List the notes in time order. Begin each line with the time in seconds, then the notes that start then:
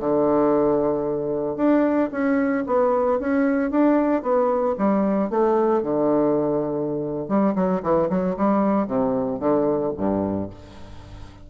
0.00 D3
1.57 D4
2.12 C#4
2.67 B3
3.20 C#4
3.71 D4
4.23 B3
4.78 G3
5.30 A3
5.83 D3
7.29 G3
7.56 F#3
7.83 E3
8.10 F#3
8.37 G3
8.88 C3
9.40 D3
9.98 G2